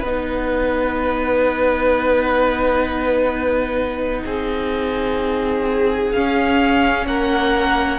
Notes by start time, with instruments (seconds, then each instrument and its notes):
0.00 cello B3, violin B4 F#5
0.06 viola D#4
4.25 cello C4, violin G#4
6.12 viola C#4, cello C#4, violin F5
7.07 cello A#3, violin A#4 F#5